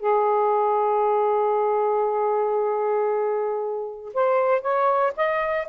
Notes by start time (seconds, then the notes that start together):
0.00 G#4
4.14 C5
4.62 C#5
5.17 D#5